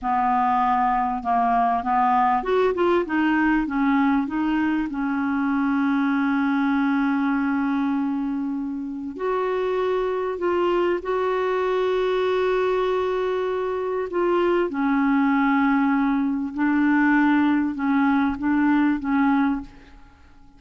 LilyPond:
\new Staff \with { instrumentName = "clarinet" } { \time 4/4 \tempo 4 = 98 b2 ais4 b4 | fis'8 f'8 dis'4 cis'4 dis'4 | cis'1~ | cis'2. fis'4~ |
fis'4 f'4 fis'2~ | fis'2. f'4 | cis'2. d'4~ | d'4 cis'4 d'4 cis'4 | }